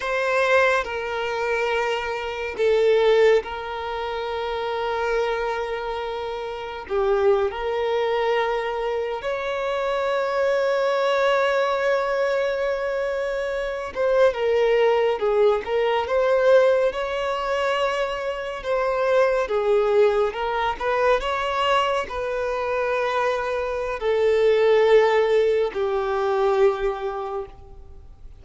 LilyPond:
\new Staff \with { instrumentName = "violin" } { \time 4/4 \tempo 4 = 70 c''4 ais'2 a'4 | ais'1 | g'8. ais'2 cis''4~ cis''16~ | cis''1~ |
cis''16 c''8 ais'4 gis'8 ais'8 c''4 cis''16~ | cis''4.~ cis''16 c''4 gis'4 ais'16~ | ais'16 b'8 cis''4 b'2~ b'16 | a'2 g'2 | }